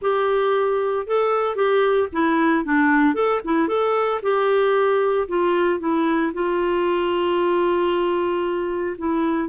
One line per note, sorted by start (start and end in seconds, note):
0.01 1.06 G4
1.06 1.55 A4
1.55 2.08 G4
2.12 2.65 E4
2.65 3.14 D4
3.14 3.40 A4
3.44 3.68 E4
3.68 4.20 A4
4.22 5.27 G4
5.28 5.79 F4
5.79 6.32 E4
6.33 8.96 F4
8.98 9.49 E4